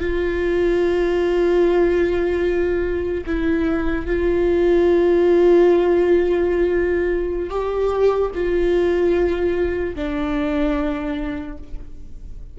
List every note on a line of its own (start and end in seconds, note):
0.00 3.24 F4
3.26 4.06 E4
4.06 7.50 F4
7.50 8.31 G4
8.35 9.95 F4
9.95 11.58 D4